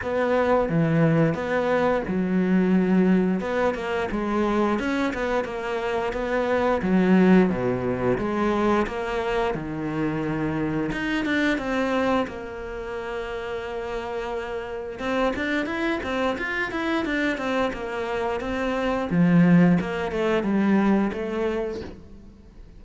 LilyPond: \new Staff \with { instrumentName = "cello" } { \time 4/4 \tempo 4 = 88 b4 e4 b4 fis4~ | fis4 b8 ais8 gis4 cis'8 b8 | ais4 b4 fis4 b,4 | gis4 ais4 dis2 |
dis'8 d'8 c'4 ais2~ | ais2 c'8 d'8 e'8 c'8 | f'8 e'8 d'8 c'8 ais4 c'4 | f4 ais8 a8 g4 a4 | }